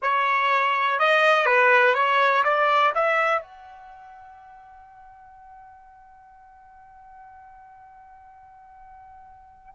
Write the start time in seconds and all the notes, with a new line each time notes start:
0.02 C#5
0.99 D#5
1.45 B4
1.94 C#5
2.44 D5
2.94 E5
3.42 F#5